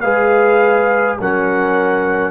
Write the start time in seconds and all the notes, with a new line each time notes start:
0.00 G#3 G#4 B4 F5
1.20 F#3 C#4 A#4 F#5